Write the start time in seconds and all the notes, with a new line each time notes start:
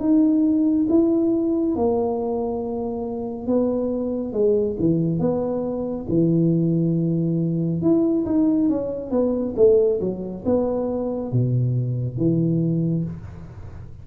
0.00 D#4
0.89 E4
1.75 A#3
3.47 B3
4.33 G#3
4.79 E3
5.19 B3
6.09 E3
7.82 E4
8.26 D#4
8.70 C#4
9.11 B3
9.57 A3
10.01 F#3
10.45 B3
11.32 B2
12.17 E3